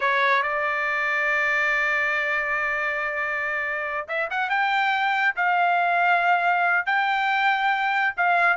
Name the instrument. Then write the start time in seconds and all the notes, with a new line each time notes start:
trumpet
0.00 C#5
0.43 D5
4.08 E5
4.30 F#5
4.49 G5
5.36 F5
6.86 G5
8.16 F5